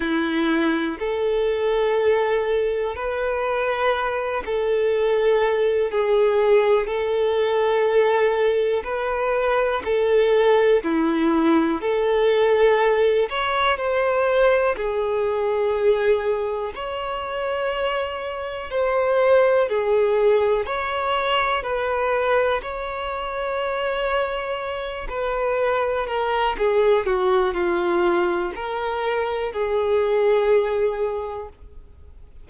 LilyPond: \new Staff \with { instrumentName = "violin" } { \time 4/4 \tempo 4 = 61 e'4 a'2 b'4~ | b'8 a'4. gis'4 a'4~ | a'4 b'4 a'4 e'4 | a'4. cis''8 c''4 gis'4~ |
gis'4 cis''2 c''4 | gis'4 cis''4 b'4 cis''4~ | cis''4. b'4 ais'8 gis'8 fis'8 | f'4 ais'4 gis'2 | }